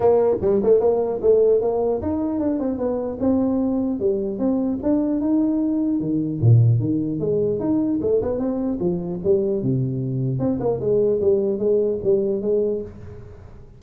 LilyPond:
\new Staff \with { instrumentName = "tuba" } { \time 4/4 \tempo 4 = 150 ais4 g8 a8 ais4 a4 | ais4 dis'4 d'8 c'8 b4 | c'2 g4 c'4 | d'4 dis'2 dis4 |
ais,4 dis4 gis4 dis'4 | a8 b8 c'4 f4 g4 | c2 c'8 ais8 gis4 | g4 gis4 g4 gis4 | }